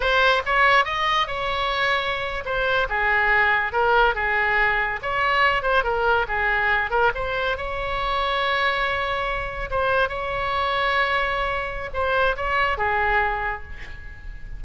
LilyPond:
\new Staff \with { instrumentName = "oboe" } { \time 4/4 \tempo 4 = 141 c''4 cis''4 dis''4 cis''4~ | cis''4.~ cis''16 c''4 gis'4~ gis'16~ | gis'8. ais'4 gis'2 cis''16~ | cis''4~ cis''16 c''8 ais'4 gis'4~ gis'16~ |
gis'16 ais'8 c''4 cis''2~ cis''16~ | cis''2~ cis''8. c''4 cis''16~ | cis''1 | c''4 cis''4 gis'2 | }